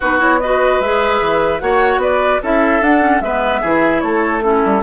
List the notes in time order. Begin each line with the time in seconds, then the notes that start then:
0.00 B3 D#4 F#4 B4
0.19 E4 C#5
0.40 F#4 B4 D#5
0.79 G#3 G#4 E5
1.21 E3
1.60 A#3 F#4 C#5 F#5
1.97 B3 B4 D5
2.42 C#4 E4 A4 E5
2.81 D4 F#5
3.01 C#4
3.20 G#3 B3 B4 E5
3.61 E3 E4 G#4
4.00 A3 A4 C#5
4.42 C#4 E4 A4
4.65 G3